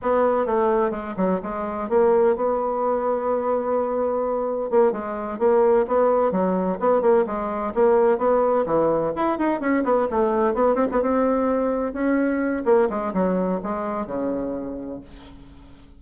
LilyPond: \new Staff \with { instrumentName = "bassoon" } { \time 4/4 \tempo 4 = 128 b4 a4 gis8 fis8 gis4 | ais4 b2.~ | b2 ais8 gis4 ais8~ | ais8 b4 fis4 b8 ais8 gis8~ |
gis8 ais4 b4 e4 e'8 | dis'8 cis'8 b8 a4 b8 c'16 b16 c'8~ | c'4. cis'4. ais8 gis8 | fis4 gis4 cis2 | }